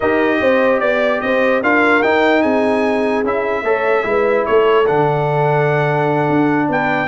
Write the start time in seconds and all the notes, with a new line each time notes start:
0.00 D#4 G4 A#4 D#5
0.40 C4 C5
0.80 B3 D5
1.21 C4 C5 D#5
1.62 D4 F4 A#4 F5
2.02 D#4 G5
2.42 C4 G#4 G#5
3.23 C#4 E4 E5
3.62 A3 A4 C#5
4.04 G#3 E4 B4
4.46 A3 A4 C#5
4.86 D3 D4 F#5
6.29 D4
6.68 B3 B4 G5